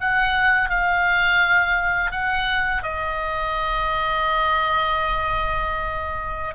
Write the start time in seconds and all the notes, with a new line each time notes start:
0.00 F#5
0.69 F5
2.11 F#5
2.83 D#5